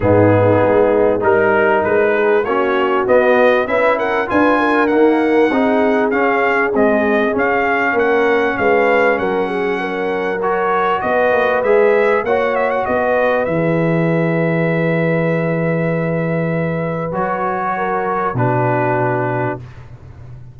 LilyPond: <<
  \new Staff \with { instrumentName = "trumpet" } { \time 4/4 \tempo 4 = 98 gis'2 ais'4 b'4 | cis''4 dis''4 e''8 fis''8 gis''4 | fis''2 f''4 dis''4 | f''4 fis''4 f''4 fis''4~ |
fis''4 cis''4 dis''4 e''4 | fis''8 e''16 fis''16 dis''4 e''2~ | e''1 | cis''2 b'2 | }
  \new Staff \with { instrumentName = "horn" } { \time 4/4 dis'2 ais'4. gis'8 | fis'2 b'8 ais'8 b'8 ais'8~ | ais'4 gis'2.~ | gis'4 ais'4 b'4 ais'8 gis'8 |
ais'2 b'2 | cis''4 b'2.~ | b'1~ | b'4 ais'4 fis'2 | }
  \new Staff \with { instrumentName = "trombone" } { \time 4/4 b2 dis'2 | cis'4 b4 e'4 f'4 | ais4 dis'4 cis'4 gis4 | cis'1~ |
cis'4 fis'2 gis'4 | fis'2 gis'2~ | gis'1 | fis'2 d'2 | }
  \new Staff \with { instrumentName = "tuba" } { \time 4/4 gis,4 gis4 g4 gis4 | ais4 b4 cis'4 d'4 | dis'4 c'4 cis'4 c'4 | cis'4 ais4 gis4 fis4~ |
fis2 b8 ais8 gis4 | ais4 b4 e2~ | e1 | fis2 b,2 | }
>>